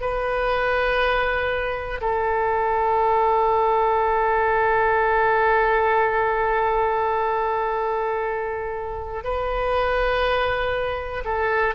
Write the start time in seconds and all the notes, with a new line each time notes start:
0.00 B4
2.00 A4
9.23 B4
11.25 A4